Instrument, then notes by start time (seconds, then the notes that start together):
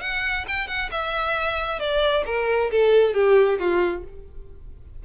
violin
0.00 F#5
0.47 G5
0.67 F#5
0.90 E5
1.79 D5
2.26 A#4
2.71 A4
3.13 G4
3.58 F4